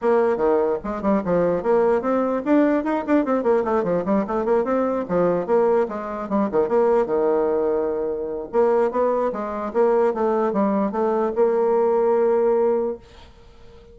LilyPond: \new Staff \with { instrumentName = "bassoon" } { \time 4/4 \tempo 4 = 148 ais4 dis4 gis8 g8 f4 | ais4 c'4 d'4 dis'8 d'8 | c'8 ais8 a8 f8 g8 a8 ais8 c'8~ | c'8 f4 ais4 gis4 g8 |
dis8 ais4 dis2~ dis8~ | dis4 ais4 b4 gis4 | ais4 a4 g4 a4 | ais1 | }